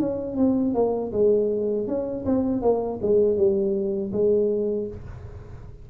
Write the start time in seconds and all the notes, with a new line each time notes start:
0.00 C#4
0.38 C4
0.75 A#3
1.13 G#3
1.88 C#4
2.26 C4
2.62 A#3
3.02 G#3
3.38 G3
4.13 G#3